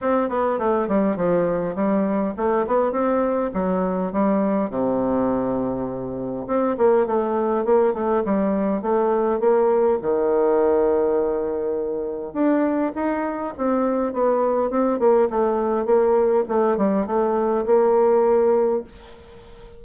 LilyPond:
\new Staff \with { instrumentName = "bassoon" } { \time 4/4 \tempo 4 = 102 c'8 b8 a8 g8 f4 g4 | a8 b8 c'4 fis4 g4 | c2. c'8 ais8 | a4 ais8 a8 g4 a4 |
ais4 dis2.~ | dis4 d'4 dis'4 c'4 | b4 c'8 ais8 a4 ais4 | a8 g8 a4 ais2 | }